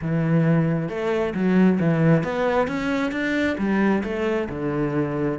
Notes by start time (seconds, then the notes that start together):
0.01 E3
0.88 A3
1.34 F#3
1.80 E3
2.23 B3
2.67 C#4
3.11 D4
3.58 G3
4.03 A3
4.49 D3